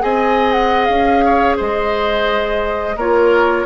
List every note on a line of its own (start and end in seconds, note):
0.00 0.89 C4
0.00 2.97 G#4
0.00 1.25 D#5
0.00 0.52 G#5
0.52 0.86 F#5
0.86 1.59 C#4
0.86 1.55 F5
1.25 1.57 C#5
1.57 2.96 G#3
1.57 2.96 C5
1.57 2.99 D#5
2.96 3.66 A#3
2.96 3.67 F4
2.96 3.67 A#4
2.96 3.67 C#5